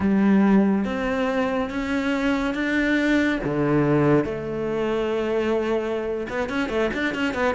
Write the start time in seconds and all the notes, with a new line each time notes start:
0.00 G3
0.84 C4
1.69 C#4
2.54 D4
3.44 D3
4.25 A3
6.29 B3
6.49 C#4
6.69 A3
6.93 D4
7.14 C#4
7.33 B3